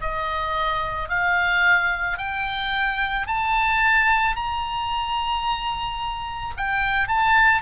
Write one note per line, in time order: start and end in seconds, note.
0.00 1.09 D#5
1.09 2.17 F5
2.17 3.26 G5
3.26 4.35 A5
4.35 6.54 A#5
6.57 7.08 G5
7.08 7.61 A5